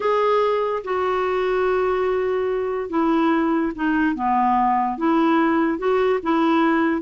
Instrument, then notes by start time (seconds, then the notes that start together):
clarinet
0.00 G#4
0.84 F#4
2.89 E4
3.75 D#4
4.15 B3
4.97 E4
5.78 F#4
6.22 E4